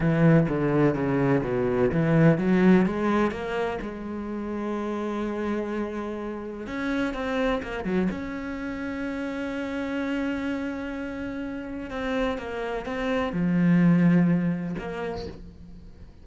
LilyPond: \new Staff \with { instrumentName = "cello" } { \time 4/4 \tempo 4 = 126 e4 d4 cis4 b,4 | e4 fis4 gis4 ais4 | gis1~ | gis2 cis'4 c'4 |
ais8 fis8 cis'2.~ | cis'1~ | cis'4 c'4 ais4 c'4 | f2. ais4 | }